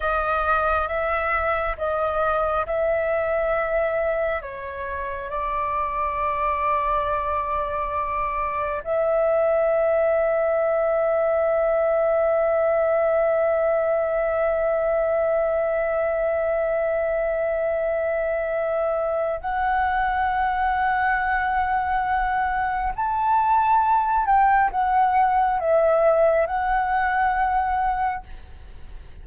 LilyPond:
\new Staff \with { instrumentName = "flute" } { \time 4/4 \tempo 4 = 68 dis''4 e''4 dis''4 e''4~ | e''4 cis''4 d''2~ | d''2 e''2~ | e''1~ |
e''1~ | e''2 fis''2~ | fis''2 a''4. g''8 | fis''4 e''4 fis''2 | }